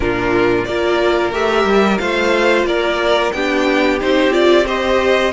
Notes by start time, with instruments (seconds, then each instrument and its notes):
0.00 cello A#2, viola D4, violin F4 A#4
0.65 cello A#3, viola F4, violin A#4 D5
1.32 cello A3, viola G4, violin E5
1.65 cello G3
1.98 cello A3, viola F4, violin C5 F5
2.63 cello A#3, violin A#4 D5
3.32 cello B3, viola D4, violin G4 G5
4.00 cello C4, viola D#4, violin C5
4.31 viola F4, violin D5
4.65 viola G4, violin C5 D#5